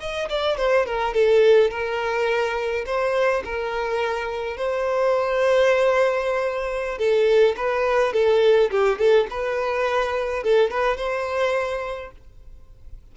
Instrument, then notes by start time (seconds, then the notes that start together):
violin
0.00 D#5
0.30 D5
0.57 C5
0.86 A#4
1.14 A4
1.71 A#4
2.86 C5
3.45 A#4
4.57 C5
6.98 A4
7.57 B4
8.13 A4
8.71 G4
8.98 A4
9.30 B4
10.43 A4
10.71 B4
10.97 C5